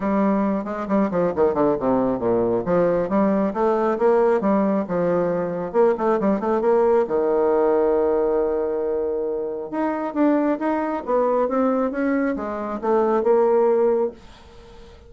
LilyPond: \new Staff \with { instrumentName = "bassoon" } { \time 4/4 \tempo 4 = 136 g4. gis8 g8 f8 dis8 d8 | c4 ais,4 f4 g4 | a4 ais4 g4 f4~ | f4 ais8 a8 g8 a8 ais4 |
dis1~ | dis2 dis'4 d'4 | dis'4 b4 c'4 cis'4 | gis4 a4 ais2 | }